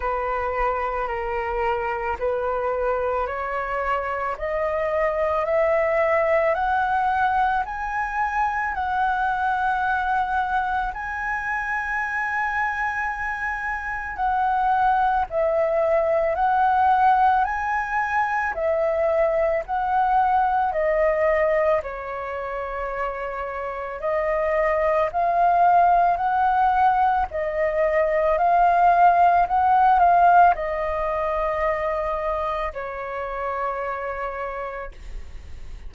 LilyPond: \new Staff \with { instrumentName = "flute" } { \time 4/4 \tempo 4 = 55 b'4 ais'4 b'4 cis''4 | dis''4 e''4 fis''4 gis''4 | fis''2 gis''2~ | gis''4 fis''4 e''4 fis''4 |
gis''4 e''4 fis''4 dis''4 | cis''2 dis''4 f''4 | fis''4 dis''4 f''4 fis''8 f''8 | dis''2 cis''2 | }